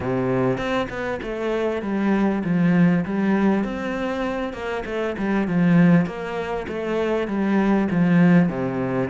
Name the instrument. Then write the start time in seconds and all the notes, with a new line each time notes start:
cello
0.00 C3
0.57 C4
0.89 B3
1.22 A3
1.82 G3
2.44 F3
3.05 G3
3.64 C4
4.53 A#3
4.85 A3
5.18 G3
5.47 F3
6.06 A#3
6.67 A3
7.27 G3
7.91 F3
8.48 C3